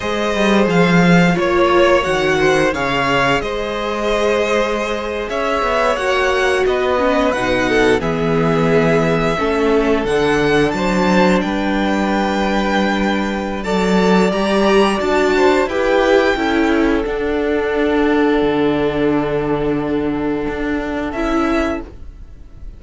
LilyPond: <<
  \new Staff \with { instrumentName = "violin" } { \time 4/4 \tempo 4 = 88 dis''4 f''4 cis''4 fis''4 | f''4 dis''2~ dis''8. e''16~ | e''8. fis''4 dis''4 fis''4 e''16~ | e''2~ e''8. fis''4 a''16~ |
a''8. g''2.~ g''16 | a''4 ais''4 a''4 g''4~ | g''4 fis''2.~ | fis''2. e''4 | }
  \new Staff \with { instrumentName = "violin" } { \time 4/4 c''2 cis''4. c''8 | cis''4 c''2~ c''8. cis''16~ | cis''4.~ cis''16 b'4. a'8 gis'16~ | gis'4.~ gis'16 a'2 c''16~ |
c''8. b'2.~ b'16 | d''2~ d''8 c''8 b'4 | a'1~ | a'1 | }
  \new Staff \with { instrumentName = "viola" } { \time 4/4 gis'2 f'4 fis'4 | gis'1~ | gis'8. fis'4. cis'8 dis'4 b16~ | b4.~ b16 cis'4 d'4~ d'16~ |
d'1 | a'4 g'4 fis'4 g'4 | e'4 d'2.~ | d'2. e'4 | }
  \new Staff \with { instrumentName = "cello" } { \time 4/4 gis8 g8 f4 ais4 dis4 | cis4 gis2~ gis8. cis'16~ | cis'16 b8 ais4 b4 b,4 e16~ | e4.~ e16 a4 d4 fis16~ |
fis8. g2.~ g16 | fis4 g4 d'4 e'4 | cis'4 d'2 d4~ | d2 d'4 cis'4 | }
>>